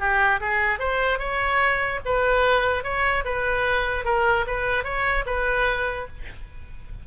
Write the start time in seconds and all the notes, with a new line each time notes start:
0.00 G4
0.41 G#4
0.80 C5
1.19 C#5
2.05 B4
2.84 C#5
3.25 B4
4.05 A#4
4.47 B4
4.84 C#5
5.26 B4